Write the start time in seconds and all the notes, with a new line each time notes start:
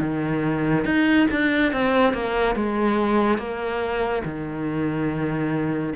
0.00 D#3
0.85 D#4
1.31 D4
1.72 C4
2.13 A#3
2.55 G#3
3.38 A#3
4.24 D#3